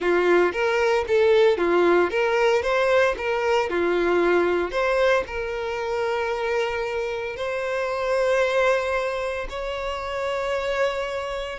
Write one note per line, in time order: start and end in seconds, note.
0.00 0.52 F4
0.52 1.05 A#4
1.07 1.57 A4
1.57 2.10 F4
2.10 2.62 A#4
2.62 3.15 C5
3.17 3.69 A#4
3.69 4.71 F4
4.71 5.23 C5
5.26 7.36 A#4
7.36 9.47 C5
9.49 11.59 C#5